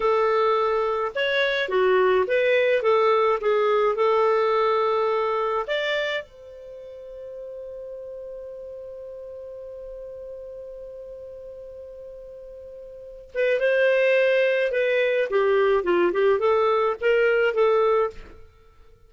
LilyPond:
\new Staff \with { instrumentName = "clarinet" } { \time 4/4 \tempo 4 = 106 a'2 cis''4 fis'4 | b'4 a'4 gis'4 a'4~ | a'2 d''4 c''4~ | c''1~ |
c''1~ | c''2.~ c''8 b'8 | c''2 b'4 g'4 | f'8 g'8 a'4 ais'4 a'4 | }